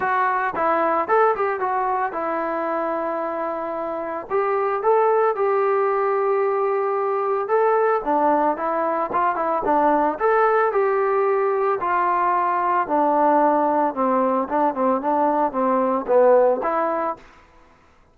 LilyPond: \new Staff \with { instrumentName = "trombone" } { \time 4/4 \tempo 4 = 112 fis'4 e'4 a'8 g'8 fis'4 | e'1 | g'4 a'4 g'2~ | g'2 a'4 d'4 |
e'4 f'8 e'8 d'4 a'4 | g'2 f'2 | d'2 c'4 d'8 c'8 | d'4 c'4 b4 e'4 | }